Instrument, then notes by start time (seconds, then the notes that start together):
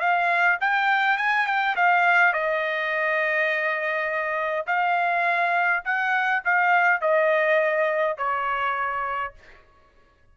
trumpet
0.00 F5
0.61 G5
1.18 G#5
1.47 G5
1.76 F5
2.33 D#5
4.67 F5
5.85 F#5
6.45 F5
7.01 D#5
8.17 C#5